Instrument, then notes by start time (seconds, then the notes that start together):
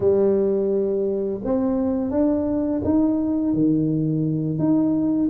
tuba
0.00 G3
1.44 C4
2.10 D4
2.84 D#4
3.53 D#3
4.59 D#4